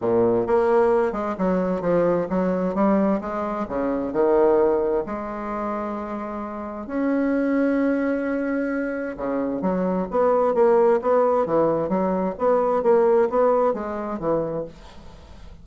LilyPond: \new Staff \with { instrumentName = "bassoon" } { \time 4/4 \tempo 4 = 131 ais,4 ais4. gis8 fis4 | f4 fis4 g4 gis4 | cis4 dis2 gis4~ | gis2. cis'4~ |
cis'1 | cis4 fis4 b4 ais4 | b4 e4 fis4 b4 | ais4 b4 gis4 e4 | }